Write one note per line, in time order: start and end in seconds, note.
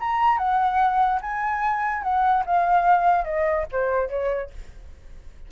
0.00 0.38 A#5
0.38 1.20 F#5
1.22 2.03 G#5
2.03 2.44 F#5
2.46 3.25 F5
3.25 3.66 D#5
3.72 4.09 C5
4.09 4.51 C#5